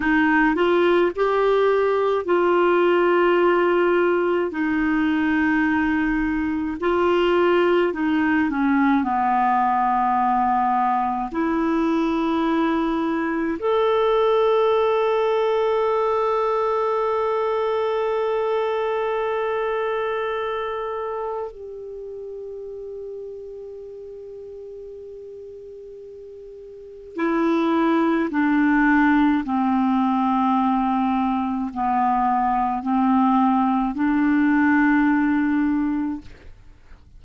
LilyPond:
\new Staff \with { instrumentName = "clarinet" } { \time 4/4 \tempo 4 = 53 dis'8 f'8 g'4 f'2 | dis'2 f'4 dis'8 cis'8 | b2 e'2 | a'1~ |
a'2. g'4~ | g'1 | e'4 d'4 c'2 | b4 c'4 d'2 | }